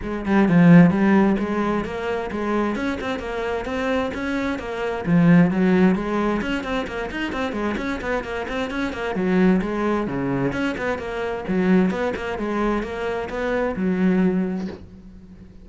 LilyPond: \new Staff \with { instrumentName = "cello" } { \time 4/4 \tempo 4 = 131 gis8 g8 f4 g4 gis4 | ais4 gis4 cis'8 c'8 ais4 | c'4 cis'4 ais4 f4 | fis4 gis4 cis'8 c'8 ais8 dis'8 |
c'8 gis8 cis'8 b8 ais8 c'8 cis'8 ais8 | fis4 gis4 cis4 cis'8 b8 | ais4 fis4 b8 ais8 gis4 | ais4 b4 fis2 | }